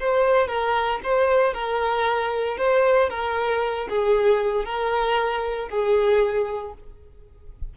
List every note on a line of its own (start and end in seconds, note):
0.00 0.48 C5
0.48 1.00 A#4
1.04 1.54 C5
1.54 2.58 A#4
2.58 3.10 C5
3.10 3.88 A#4
3.90 4.65 G#4
4.65 5.69 A#4
5.69 6.74 G#4